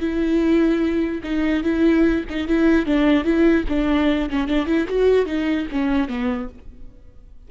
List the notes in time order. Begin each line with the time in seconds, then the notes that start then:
0.00 E4
1.24 D#4
1.63 E4
2.29 D#4
2.48 E4
2.86 D4
3.24 E4
3.69 D4
4.30 C#4
4.48 D4
4.66 E4
4.89 F#4
5.26 D#4
5.72 C#4
6.08 B3